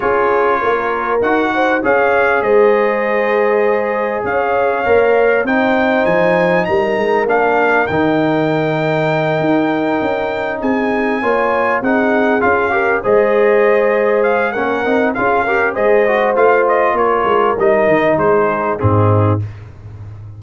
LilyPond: <<
  \new Staff \with { instrumentName = "trumpet" } { \time 4/4 \tempo 4 = 99 cis''2 fis''4 f''4 | dis''2. f''4~ | f''4 g''4 gis''4 ais''4 | f''4 g''2.~ |
g''4. gis''2 fis''8~ | fis''8 f''4 dis''2 f''8 | fis''4 f''4 dis''4 f''8 dis''8 | cis''4 dis''4 c''4 gis'4 | }
  \new Staff \with { instrumentName = "horn" } { \time 4/4 gis'4 ais'4. c''8 cis''4 | c''2. cis''4~ | cis''4 c''2 ais'4~ | ais'1~ |
ais'4. gis'4 cis''4 gis'8~ | gis'4 ais'8 c''2~ c''8 | ais'4 gis'8 ais'8 c''2 | ais'2 gis'4 dis'4 | }
  \new Staff \with { instrumentName = "trombone" } { \time 4/4 f'2 fis'4 gis'4~ | gis'1 | ais'4 dis'2. | d'4 dis'2.~ |
dis'2~ dis'8 f'4 dis'8~ | dis'8 f'8 g'8 gis'2~ gis'8 | cis'8 dis'8 f'8 g'8 gis'8 fis'8 f'4~ | f'4 dis'2 c'4 | }
  \new Staff \with { instrumentName = "tuba" } { \time 4/4 cis'4 ais4 dis'4 cis'4 | gis2. cis'4 | ais4 c'4 f4 g8 gis8 | ais4 dis2~ dis8 dis'8~ |
dis'8 cis'4 c'4 ais4 c'8~ | c'8 cis'4 gis2~ gis8 | ais8 c'8 cis'4 gis4 a4 | ais8 gis8 g8 dis8 gis4 gis,4 | }
>>